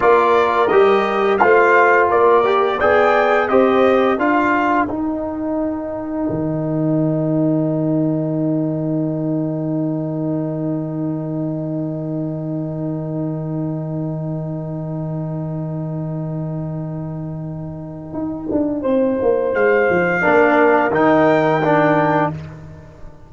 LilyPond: <<
  \new Staff \with { instrumentName = "trumpet" } { \time 4/4 \tempo 4 = 86 d''4 dis''4 f''4 d''4 | g''4 dis''4 f''4 g''4~ | g''1~ | g''1~ |
g''1~ | g''1~ | g''1 | f''2 g''2 | }
  \new Staff \with { instrumentName = "horn" } { \time 4/4 ais'2 c''4 ais'4 | d''4 c''4 ais'2~ | ais'1~ | ais'1~ |
ais'1~ | ais'1~ | ais'2. c''4~ | c''4 ais'2. | }
  \new Staff \with { instrumentName = "trombone" } { \time 4/4 f'4 g'4 f'4. g'8 | gis'4 g'4 f'4 dis'4~ | dis'1~ | dis'1~ |
dis'1~ | dis'1~ | dis'1~ | dis'4 d'4 dis'4 d'4 | }
  \new Staff \with { instrumentName = "tuba" } { \time 4/4 ais4 g4 a4 ais4 | b4 c'4 d'4 dis'4~ | dis'4 dis2.~ | dis1~ |
dis1~ | dis1~ | dis2 dis'8 d'8 c'8 ais8 | gis8 f8 ais4 dis2 | }
>>